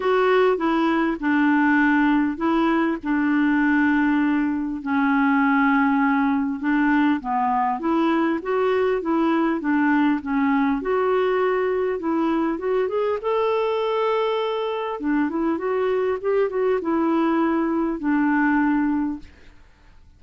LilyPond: \new Staff \with { instrumentName = "clarinet" } { \time 4/4 \tempo 4 = 100 fis'4 e'4 d'2 | e'4 d'2. | cis'2. d'4 | b4 e'4 fis'4 e'4 |
d'4 cis'4 fis'2 | e'4 fis'8 gis'8 a'2~ | a'4 d'8 e'8 fis'4 g'8 fis'8 | e'2 d'2 | }